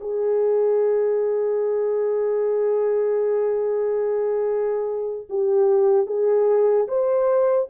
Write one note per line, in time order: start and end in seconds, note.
0.00 5.27 G#4
5.29 6.06 G4
6.06 6.87 G#4
6.87 7.68 C5